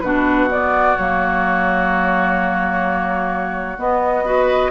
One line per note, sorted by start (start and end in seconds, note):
0.00 0.95 B2
0.00 0.50 D4
0.00 4.25 F#4
0.00 0.47 B4
0.50 0.97 B3
0.50 0.96 D5
0.96 3.78 F#3
0.96 3.78 A#3
0.96 3.78 C#5
3.78 4.25 B3
3.78 4.70 B3
3.78 4.70 D#5
4.25 4.70 F#4
4.25 4.70 B4